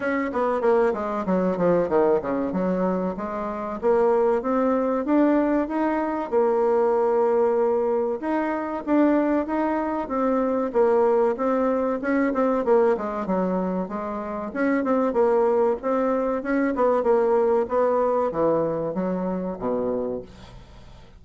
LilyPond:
\new Staff \with { instrumentName = "bassoon" } { \time 4/4 \tempo 4 = 95 cis'8 b8 ais8 gis8 fis8 f8 dis8 cis8 | fis4 gis4 ais4 c'4 | d'4 dis'4 ais2~ | ais4 dis'4 d'4 dis'4 |
c'4 ais4 c'4 cis'8 c'8 | ais8 gis8 fis4 gis4 cis'8 c'8 | ais4 c'4 cis'8 b8 ais4 | b4 e4 fis4 b,4 | }